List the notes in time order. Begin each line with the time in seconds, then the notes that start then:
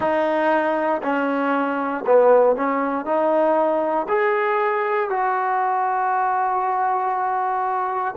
0.00 D#4
1.02 C#4
2.06 B3
2.56 C#4
3.05 D#4
4.08 G#4
5.09 F#4